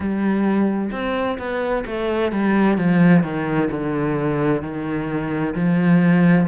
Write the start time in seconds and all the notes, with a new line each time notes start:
0.00 G3
0.91 C4
1.38 B3
1.86 A3
2.32 G3
2.77 F3
3.23 D#3
3.70 D3
4.62 D#3
5.54 F3